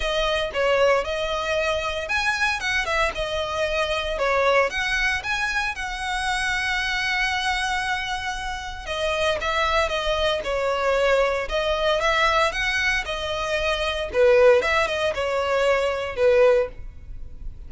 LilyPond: \new Staff \with { instrumentName = "violin" } { \time 4/4 \tempo 4 = 115 dis''4 cis''4 dis''2 | gis''4 fis''8 e''8 dis''2 | cis''4 fis''4 gis''4 fis''4~ | fis''1~ |
fis''4 dis''4 e''4 dis''4 | cis''2 dis''4 e''4 | fis''4 dis''2 b'4 | e''8 dis''8 cis''2 b'4 | }